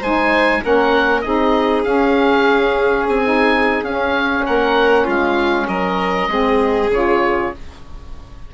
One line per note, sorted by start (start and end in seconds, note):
0.00 0.63 G#3
0.00 0.62 D#4
0.00 0.61 C5
0.00 0.64 G#5
0.62 1.26 A#3
0.62 1.24 C#4
0.62 1.25 A#4
0.62 1.22 F#5
1.22 1.86 C4
1.22 1.85 D#4
1.22 4.46 G#4
1.22 1.83 D#5
1.85 3.23 C#4
1.85 3.08 C#4
1.85 3.07 F5
3.08 3.83 C4
3.08 3.85 G#5
3.23 3.84 D#4
3.83 4.44 C#4
3.83 6.30 C#4
3.83 4.46 F5
4.46 5.08 A#3
4.46 5.05 A#4
4.46 5.07 F#5
5.05 5.68 G#3
5.05 5.66 F4
5.05 5.68 F5
5.68 6.28 F#3
5.68 6.30 A#4
5.68 6.91 D#5
6.28 6.89 G#3
6.28 6.91 C4
6.28 7.54 G#4
6.90 7.51 C#3
6.90 7.54 F4
6.90 7.54 C#5